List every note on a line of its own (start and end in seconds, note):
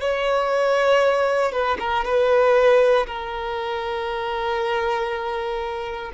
0.00 1.52 C#5
1.52 1.77 B4
1.79 2.04 A#4
2.04 3.06 B4
3.06 6.11 A#4